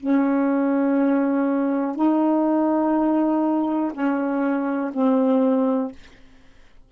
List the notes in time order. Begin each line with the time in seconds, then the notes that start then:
0.00 C#4
1.96 D#4
3.93 C#4
4.94 C4